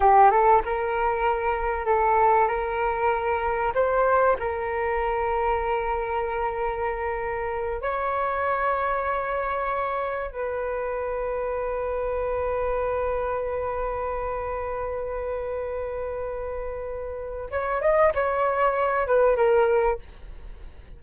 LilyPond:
\new Staff \with { instrumentName = "flute" } { \time 4/4 \tempo 4 = 96 g'8 a'8 ais'2 a'4 | ais'2 c''4 ais'4~ | ais'1~ | ais'8 cis''2.~ cis''8~ |
cis''8 b'2.~ b'8~ | b'1~ | b'1 | cis''8 dis''8 cis''4. b'8 ais'4 | }